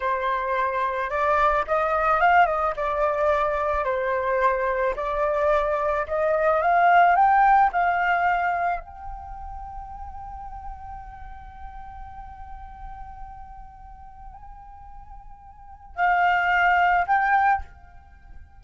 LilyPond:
\new Staff \with { instrumentName = "flute" } { \time 4/4 \tempo 4 = 109 c''2 d''4 dis''4 | f''8 dis''8 d''2 c''4~ | c''4 d''2 dis''4 | f''4 g''4 f''2 |
g''1~ | g''1~ | g''1~ | g''4 f''2 g''4 | }